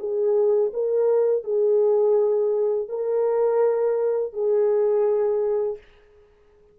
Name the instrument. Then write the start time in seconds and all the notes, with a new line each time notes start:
horn
0.00 G#4
0.74 A#4
1.44 G#4
2.89 A#4
4.33 G#4